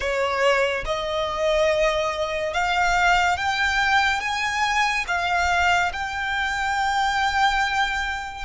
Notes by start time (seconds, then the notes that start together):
0.00 C#5
0.85 D#5
2.54 F5
3.36 G5
4.20 G#5
5.07 F5
5.92 G5